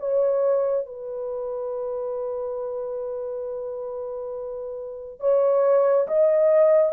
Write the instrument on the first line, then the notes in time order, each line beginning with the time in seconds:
horn
0.00 C#5
0.87 B4
5.21 C#5
6.08 D#5